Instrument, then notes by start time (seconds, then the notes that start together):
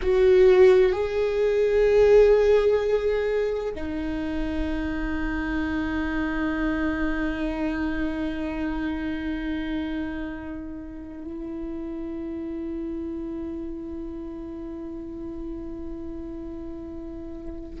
viola
0.02 F#4
0.92 G#4
3.74 D#4
11.23 E4